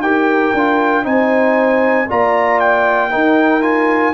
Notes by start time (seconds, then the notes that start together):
0.00 D#4 G4 A#4 G5
0.54 D4 F4
1.04 C4 D#4 C5 G#5
2.09 A#3 F4 D5 A#5
2.60 G5
3.10 D#4 A#4
3.62 F4 G#5